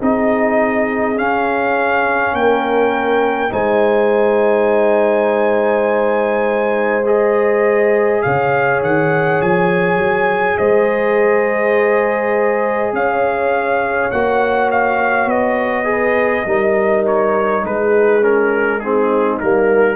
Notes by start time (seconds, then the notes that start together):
0.00 C4 D#4 G#4 D#5
1.16 C#4 F5
2.33 A#3 A#4 G5
3.50 G#3 D#4 C5 G#5
7.05 G#4 D#5
8.22 C#3 C#5 F5
8.82 D#3 F#5
9.42 F3 G#5
9.97 F#3
10.58 G#3 C5 D#5
12.93 C#4 C#5 F5
14.12 A#3 F#4 F#5
14.71 F5
15.26 B3 D#5
15.85 G#4 B4
16.46 G3 D#4 A#4
17.07 C#5
17.64 G#3 G#4 B4
18.22 C#4 A#4
18.80 C4 D#4 G#4
19.40 G3 A#3 A#4